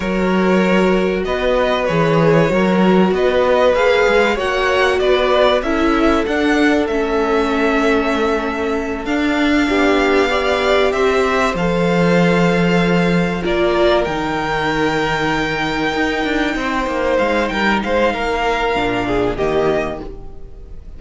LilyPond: <<
  \new Staff \with { instrumentName = "violin" } { \time 4/4 \tempo 4 = 96 cis''2 dis''4 cis''4~ | cis''4 dis''4 f''4 fis''4 | d''4 e''4 fis''4 e''4~ | e''2~ e''8 f''4.~ |
f''4. e''4 f''4.~ | f''4. d''4 g''4.~ | g''2.~ g''8 f''8 | g''8 f''2~ f''8 dis''4 | }
  \new Staff \with { instrumentName = "violin" } { \time 4/4 ais'2 b'2 | ais'4 b'2 cis''4 | b'4 a'2.~ | a'2.~ a'8 g'8~ |
g'8 d''4 c''2~ c''8~ | c''4. ais'2~ ais'8~ | ais'2~ ais'8 c''4. | ais'8 c''8 ais'4. gis'8 g'4 | }
  \new Staff \with { instrumentName = "viola" } { \time 4/4 fis'2. gis'4 | fis'2 gis'4 fis'4~ | fis'4 e'4 d'4 cis'4~ | cis'2~ cis'8 d'4.~ |
d'8 g'2 a'4.~ | a'4. f'4 dis'4.~ | dis'1~ | dis'2 d'4 ais4 | }
  \new Staff \with { instrumentName = "cello" } { \time 4/4 fis2 b4 e4 | fis4 b4 ais8 gis8 ais4 | b4 cis'4 d'4 a4~ | a2~ a8 d'4 b8~ |
b4. c'4 f4.~ | f4. ais4 dis4.~ | dis4. dis'8 d'8 c'8 ais8 gis8 | g8 gis8 ais4 ais,4 dis4 | }
>>